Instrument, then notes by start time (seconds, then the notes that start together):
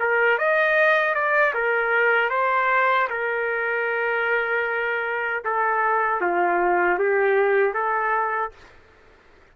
trumpet
0.00 A#4
0.38 D#5
1.15 D5
1.54 A#4
2.30 C5
3.10 A#4
5.45 A4
6.21 F4
6.99 G4
7.74 A4